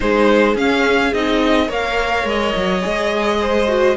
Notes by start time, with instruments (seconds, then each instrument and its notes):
0.00 cello G#3, viola D#4, violin G#4 C5
0.55 cello C#4, viola C#4, violin F5
1.13 cello C4, viola D#4, violin D#5
1.67 cello A#3, viola A#4, violin C#5 F5
2.23 cello G#3, violin D#5
2.55 cello F#3
2.81 cello G#3, viola G#4
3.40 violin C5
3.67 viola F#4